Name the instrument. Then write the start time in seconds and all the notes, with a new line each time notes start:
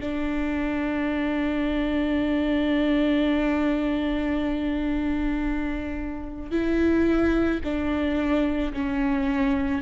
viola
0.00 D4
6.51 E4
7.64 D4
8.73 C#4